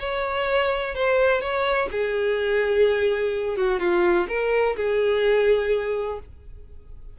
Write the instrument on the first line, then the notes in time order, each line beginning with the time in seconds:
violin
0.00 C#5
0.95 C5
1.41 C#5
1.92 G#4
3.57 F#4
3.80 F4
4.29 A#4
4.77 G#4